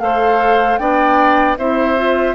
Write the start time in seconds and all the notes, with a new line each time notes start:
0.00 A3 A4 C5 F5
0.78 B3 D4 D5 G5
1.57 C4 E4 C5 E5
1.97 F4